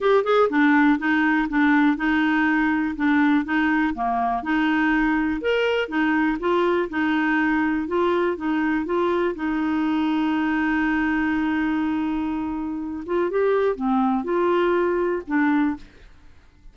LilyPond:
\new Staff \with { instrumentName = "clarinet" } { \time 4/4 \tempo 4 = 122 g'8 gis'8 d'4 dis'4 d'4 | dis'2 d'4 dis'4 | ais4 dis'2 ais'4 | dis'4 f'4 dis'2 |
f'4 dis'4 f'4 dis'4~ | dis'1~ | dis'2~ dis'8 f'8 g'4 | c'4 f'2 d'4 | }